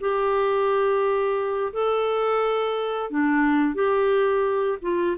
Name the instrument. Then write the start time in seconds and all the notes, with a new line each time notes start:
clarinet
0.00 G4
1.73 A4
3.10 D4
3.75 G4
4.82 F4